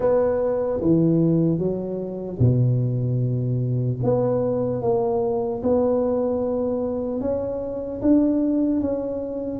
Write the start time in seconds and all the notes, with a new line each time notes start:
0.00 B3
0.81 E3
1.58 F#3
2.39 B2
4.03 B3
4.82 A#3
5.63 B3
7.20 C#4
8.01 D4
8.80 C#4